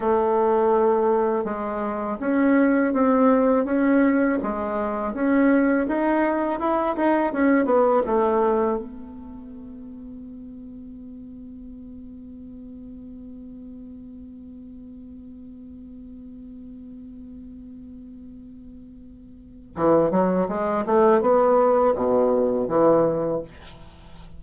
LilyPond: \new Staff \with { instrumentName = "bassoon" } { \time 4/4 \tempo 4 = 82 a2 gis4 cis'4 | c'4 cis'4 gis4 cis'4 | dis'4 e'8 dis'8 cis'8 b8 a4 | b1~ |
b1~ | b1~ | b2. e8 fis8 | gis8 a8 b4 b,4 e4 | }